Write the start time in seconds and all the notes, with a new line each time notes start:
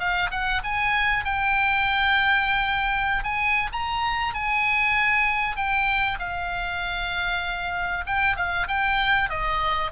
0.00 F5
0.31 F#5
0.64 G#5
1.25 G5
3.24 G#5
3.73 A#5
4.34 G#5
5.57 G5
6.19 F5
8.07 G5
8.37 F5
8.68 G5
9.30 D#5